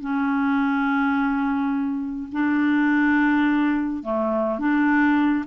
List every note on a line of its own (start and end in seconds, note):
0.00 2.29 C#4
2.32 4.03 D4
4.03 4.59 A3
4.59 5.44 D4